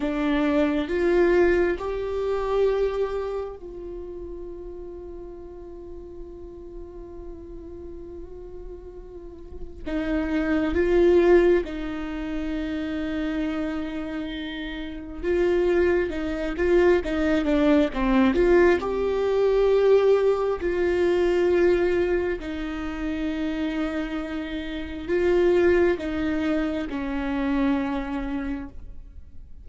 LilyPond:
\new Staff \with { instrumentName = "viola" } { \time 4/4 \tempo 4 = 67 d'4 f'4 g'2 | f'1~ | f'2. dis'4 | f'4 dis'2.~ |
dis'4 f'4 dis'8 f'8 dis'8 d'8 | c'8 f'8 g'2 f'4~ | f'4 dis'2. | f'4 dis'4 cis'2 | }